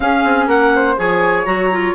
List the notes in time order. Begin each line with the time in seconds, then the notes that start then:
0.00 C#4 G#4 F5
0.23 C4
0.47 A#3 A#4 F#5
0.74 C5
0.96 F3 G#4 C#5 G#5
1.45 F#3 F#4 A#5
1.71 F4